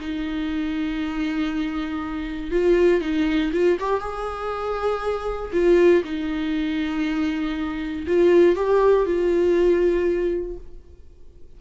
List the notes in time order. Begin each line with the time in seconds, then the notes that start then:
0.00 D#4
2.51 F4
3.01 D#4
3.53 F4
3.80 G4
4.00 G#4
5.53 F4
6.05 D#4
8.07 F4
8.56 G4
9.06 F4